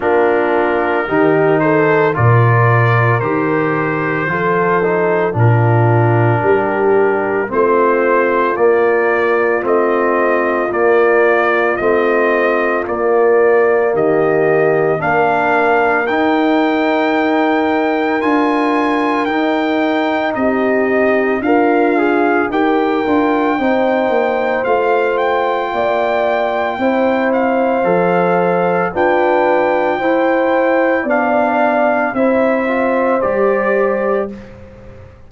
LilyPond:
<<
  \new Staff \with { instrumentName = "trumpet" } { \time 4/4 \tempo 4 = 56 ais'4. c''8 d''4 c''4~ | c''4 ais'2 c''4 | d''4 dis''4 d''4 dis''4 | d''4 dis''4 f''4 g''4~ |
g''4 gis''4 g''4 dis''4 | f''4 g''2 f''8 g''8~ | g''4. f''4. g''4~ | g''4 f''4 e''4 d''4 | }
  \new Staff \with { instrumentName = "horn" } { \time 4/4 f'4 g'8 a'8 ais'2 | a'4 f'4 g'4 f'4~ | f'1~ | f'4 g'4 ais'2~ |
ais'2. g'4 | f'4 ais'4 c''2 | d''4 c''2 b'4 | c''4 d''4 c''2 | }
  \new Staff \with { instrumentName = "trombone" } { \time 4/4 d'4 dis'4 f'4 g'4 | f'8 dis'8 d'2 c'4 | ais4 c'4 ais4 c'4 | ais2 d'4 dis'4~ |
dis'4 f'4 dis'2 | ais'8 gis'8 g'8 f'8 dis'4 f'4~ | f'4 e'4 a'4 d'4 | e'4 d'4 e'8 f'8 g'4 | }
  \new Staff \with { instrumentName = "tuba" } { \time 4/4 ais4 dis4 ais,4 dis4 | f4 ais,4 g4 a4 | ais4 a4 ais4 a4 | ais4 dis4 ais4 dis'4~ |
dis'4 d'4 dis'4 c'4 | d'4 dis'8 d'8 c'8 ais8 a4 | ais4 c'4 f4 f'4 | e'4 b4 c'4 g4 | }
>>